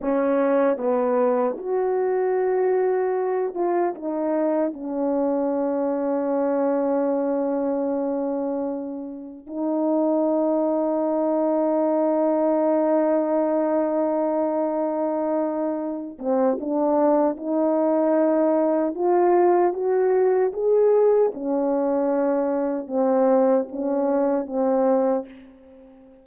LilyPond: \new Staff \with { instrumentName = "horn" } { \time 4/4 \tempo 4 = 76 cis'4 b4 fis'2~ | fis'8 f'8 dis'4 cis'2~ | cis'1 | dis'1~ |
dis'1~ | dis'8 c'8 d'4 dis'2 | f'4 fis'4 gis'4 cis'4~ | cis'4 c'4 cis'4 c'4 | }